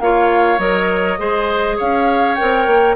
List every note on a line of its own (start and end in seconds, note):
0.00 0.58 A#3
0.00 0.58 F4
0.00 1.19 C#5
0.00 0.59 F5
0.58 1.17 F#3
0.58 1.18 A#4
0.58 1.77 D#5
1.18 1.78 G#3
1.18 2.37 G#4
1.18 1.76 C5
1.76 2.40 C#4
1.76 2.95 C#5
1.76 2.35 F5
2.35 2.96 A#4
2.35 2.94 G5
2.41 2.66 C4
2.66 2.96 A#3